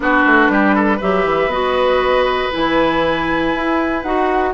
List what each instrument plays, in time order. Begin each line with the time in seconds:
0.00 bassoon B3, clarinet D4, oboe F#4, flute B4
0.26 bassoon A3
0.48 bassoon G3, oboe G4
0.75 oboe A4
0.97 bassoon F#3, clarinet G4, oboe B4, flute E5
1.25 bassoon E3
1.46 bassoon B3, clarinet F#4, flute D#5
2.51 bassoon E3, clarinet E4, flute G#5
3.54 bassoon E4
4.02 bassoon D#4, clarinet F#4, flute F#5